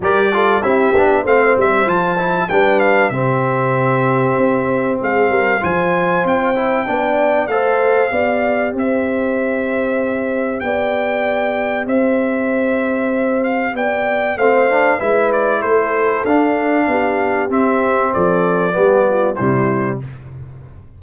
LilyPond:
<<
  \new Staff \with { instrumentName = "trumpet" } { \time 4/4 \tempo 4 = 96 d''4 e''4 f''8 e''8 a''4 | g''8 f''8 e''2. | f''4 gis''4 g''2 | f''2 e''2~ |
e''4 g''2 e''4~ | e''4. f''8 g''4 f''4 | e''8 d''8 c''4 f''2 | e''4 d''2 c''4 | }
  \new Staff \with { instrumentName = "horn" } { \time 4/4 ais'8 a'8 g'4 c''2 | b'4 g'2. | gis'8 ais'8 c''2 d''4 | c''4 d''4 c''2~ |
c''4 d''2 c''4~ | c''2 d''4 c''4 | b'4 a'2 g'4~ | g'4 a'4 g'8 f'8 e'4 | }
  \new Staff \with { instrumentName = "trombone" } { \time 4/4 g'8 f'8 e'8 d'8 c'4 f'8 e'8 | d'4 c'2.~ | c'4 f'4. e'8 d'4 | a'4 g'2.~ |
g'1~ | g'2. c'8 d'8 | e'2 d'2 | c'2 b4 g4 | }
  \new Staff \with { instrumentName = "tuba" } { \time 4/4 g4 c'8 b8 a8 g8 f4 | g4 c2 c'4 | gis8 g8 f4 c'4 b4 | a4 b4 c'2~ |
c'4 b2 c'4~ | c'2 b4 a4 | gis4 a4 d'4 b4 | c'4 f4 g4 c4 | }
>>